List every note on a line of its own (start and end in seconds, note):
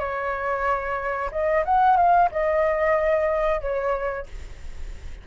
0.00 1.30 C#5
1.32 1.65 D#5
1.65 1.97 F#5
1.97 2.30 F5
2.32 3.62 D#5
3.62 4.27 C#5